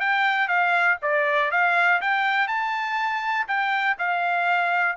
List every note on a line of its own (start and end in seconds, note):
0.00 0.48 G5
0.48 0.98 F5
1.02 1.51 D5
1.51 2.01 F5
2.01 2.47 G5
2.47 3.47 A5
3.47 3.97 G5
3.98 4.97 F5